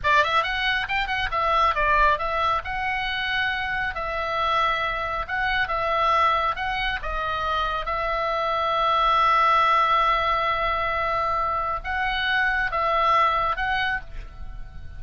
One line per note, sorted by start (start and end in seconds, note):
0.03 0.23 D5
0.23 0.43 E5
0.43 0.86 F#5
0.88 1.07 G5
1.07 1.29 F#5
1.31 1.74 E5
1.74 2.18 D5
2.18 2.62 E5
2.64 3.94 F#5
3.94 5.26 E5
5.27 5.68 F#5
5.68 6.55 E5
6.55 6.99 F#5
7.02 7.85 D#5
7.85 11.79 E5
11.83 12.71 F#5
12.71 13.56 E5
13.56 14.00 F#5